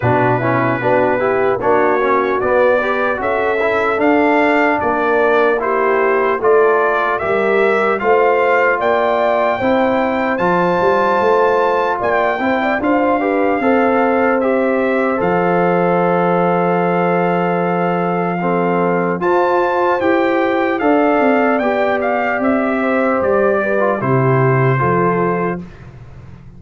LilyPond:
<<
  \new Staff \with { instrumentName = "trumpet" } { \time 4/4 \tempo 4 = 75 b'2 cis''4 d''4 | e''4 f''4 d''4 c''4 | d''4 e''4 f''4 g''4~ | g''4 a''2 g''4 |
f''2 e''4 f''4~ | f''1 | a''4 g''4 f''4 g''8 f''8 | e''4 d''4 c''2 | }
  \new Staff \with { instrumentName = "horn" } { \time 4/4 fis'8 e'8 fis'8 g'8 fis'4. b'8 | a'2 ais'4 g'4 | a'4 ais'4 c''4 d''4 | c''2. d''8 c''16 d''16 |
c''8 b'8 c''2.~ | c''2. a'4 | c''2 d''2~ | d''8 c''4 b'8 g'4 a'4 | }
  \new Staff \with { instrumentName = "trombone" } { \time 4/4 d'8 cis'8 d'8 e'8 d'8 cis'8 b8 g'8 | fis'8 e'8 d'2 e'4 | f'4 g'4 f'2 | e'4 f'2~ f'8 e'8 |
f'8 g'8 a'4 g'4 a'4~ | a'2. c'4 | f'4 g'4 a'4 g'4~ | g'4.~ g'16 f'16 e'4 f'4 | }
  \new Staff \with { instrumentName = "tuba" } { \time 4/4 b,4 b4 ais4 b4 | cis'4 d'4 ais2 | a4 g4 a4 ais4 | c'4 f8 g8 a4 ais8 c'8 |
d'4 c'2 f4~ | f1 | f'4 e'4 d'8 c'8 b4 | c'4 g4 c4 f4 | }
>>